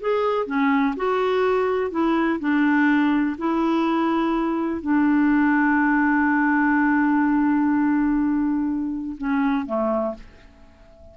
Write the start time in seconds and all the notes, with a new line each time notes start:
0.00 G#4
0.46 C#4
0.96 F#4
1.91 E4
2.39 D4
3.38 E4
4.81 D4
9.17 C#4
9.66 A3